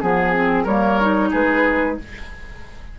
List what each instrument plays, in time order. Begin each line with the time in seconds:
0.00 bassoon F3, clarinet B3, flute G#4, oboe G#4
0.33 clarinet C4
0.64 bassoon G3, clarinet A#3, oboe A#4, flute C#5
1.01 clarinet D#4
1.31 bassoon G#3, oboe G#4, flute B4